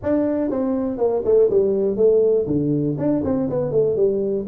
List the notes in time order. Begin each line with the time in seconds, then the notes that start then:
0.02 D4
0.50 C4
0.97 A#3
1.24 A3
1.50 G3
1.96 A3
2.46 D3
2.98 D4
3.24 C4
3.49 B3
3.71 A3
3.96 G3